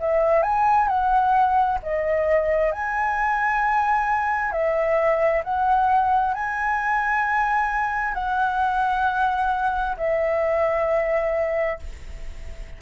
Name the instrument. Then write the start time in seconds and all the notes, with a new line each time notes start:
flute
0.00 E5
0.43 G#5
0.88 F#5
1.83 D#5
2.72 G#5
4.52 E5
5.44 F#5
6.34 G#5
8.14 F#5
9.97 E5